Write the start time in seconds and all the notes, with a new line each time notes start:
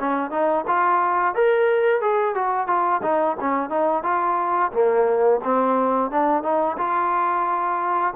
0.00 C#4
0.31 D#4
0.68 F4
1.35 A#4
2.02 G#4
2.35 F#4
2.67 F4
3.03 D#4
3.41 C#4
3.70 D#4
4.04 F4
4.73 A#3
5.44 C4
6.11 D4
6.43 D#4
6.78 F4